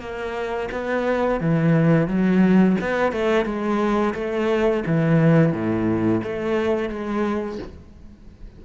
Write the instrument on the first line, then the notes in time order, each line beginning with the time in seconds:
cello
0.00 A#3
0.72 B3
1.41 E3
2.08 F#3
2.81 B3
3.12 A3
3.45 G#3
4.15 A3
4.87 E3
5.53 A2
6.23 A3
6.89 G#3